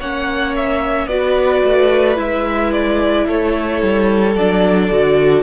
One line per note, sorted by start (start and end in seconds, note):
0.00 1.07 A#3
0.00 1.10 C#4
0.00 1.09 C#5
0.00 0.56 F#5
0.56 1.08 E5
1.07 1.62 B3
1.07 2.16 F#4
1.07 3.26 B4
1.07 2.17 D5
1.65 2.18 A3
2.16 3.27 G#3
2.16 4.34 E4
2.16 2.73 E5
2.73 3.27 D5
3.26 3.82 A3
3.26 5.43 A4
3.26 4.37 C#5
3.82 4.36 G3
4.36 4.90 F#3
4.36 4.92 D4
4.36 5.43 D5
4.92 5.43 D3
4.92 5.43 F#4